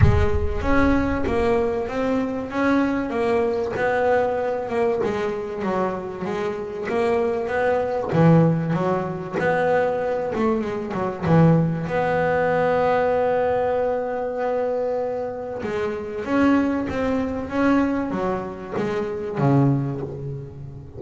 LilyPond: \new Staff \with { instrumentName = "double bass" } { \time 4/4 \tempo 4 = 96 gis4 cis'4 ais4 c'4 | cis'4 ais4 b4. ais8 | gis4 fis4 gis4 ais4 | b4 e4 fis4 b4~ |
b8 a8 gis8 fis8 e4 b4~ | b1~ | b4 gis4 cis'4 c'4 | cis'4 fis4 gis4 cis4 | }